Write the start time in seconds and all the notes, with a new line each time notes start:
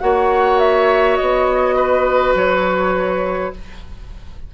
0.00 A#3 F#4 C#5 F#5
0.59 E5
1.17 B3 D#5
1.76 B4
2.35 F#3 C#5